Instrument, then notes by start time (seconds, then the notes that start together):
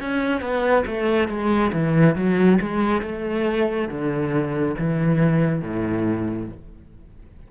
cello
0.00 C#4
0.41 B3
0.87 A3
1.28 G#3
1.72 E3
2.15 F#3
2.61 G#3
3.02 A3
3.89 D3
4.78 E3
5.62 A2